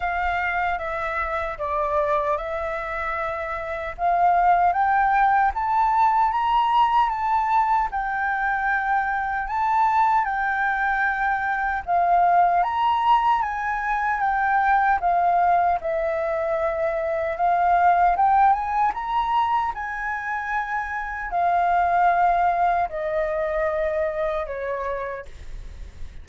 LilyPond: \new Staff \with { instrumentName = "flute" } { \time 4/4 \tempo 4 = 76 f''4 e''4 d''4 e''4~ | e''4 f''4 g''4 a''4 | ais''4 a''4 g''2 | a''4 g''2 f''4 |
ais''4 gis''4 g''4 f''4 | e''2 f''4 g''8 gis''8 | ais''4 gis''2 f''4~ | f''4 dis''2 cis''4 | }